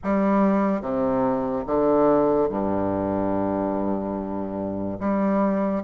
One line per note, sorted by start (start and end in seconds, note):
0.03 0.81 G3
0.81 1.64 C3
1.66 2.48 D3
2.48 4.98 G2
5.00 5.83 G3